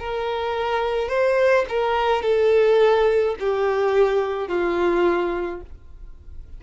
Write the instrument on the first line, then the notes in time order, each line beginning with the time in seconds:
violin
0.00 A#4
1.09 C5
1.69 A#4
2.23 A4
3.40 G4
4.49 F4